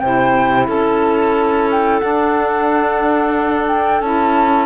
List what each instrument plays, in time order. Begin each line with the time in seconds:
0.00 cello C3, saxophone E4, clarinet C5, flute G5
0.68 cello C#4, clarinet A4, flute A5
1.71 flute G5
2.00 saxophone D4, cello D4, flute F#5
3.68 flute G5
4.02 cello C#4, saxophone E4, flute A5